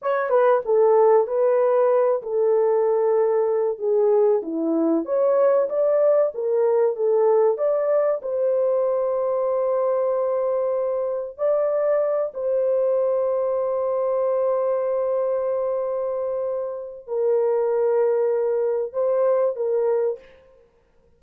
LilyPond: \new Staff \with { instrumentName = "horn" } { \time 4/4 \tempo 4 = 95 cis''8 b'8 a'4 b'4. a'8~ | a'2 gis'4 e'4 | cis''4 d''4 ais'4 a'4 | d''4 c''2.~ |
c''2 d''4. c''8~ | c''1~ | c''2. ais'4~ | ais'2 c''4 ais'4 | }